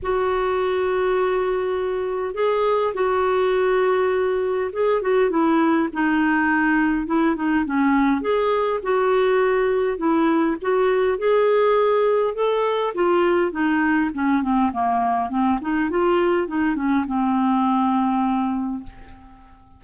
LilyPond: \new Staff \with { instrumentName = "clarinet" } { \time 4/4 \tempo 4 = 102 fis'1 | gis'4 fis'2. | gis'8 fis'8 e'4 dis'2 | e'8 dis'8 cis'4 gis'4 fis'4~ |
fis'4 e'4 fis'4 gis'4~ | gis'4 a'4 f'4 dis'4 | cis'8 c'8 ais4 c'8 dis'8 f'4 | dis'8 cis'8 c'2. | }